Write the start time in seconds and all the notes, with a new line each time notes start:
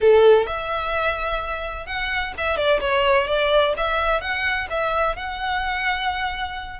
0.00 A4
0.46 E5
1.86 F#5
2.37 E5
2.56 D5
2.80 C#5
3.27 D5
3.77 E5
4.20 F#5
4.70 E5
5.16 F#5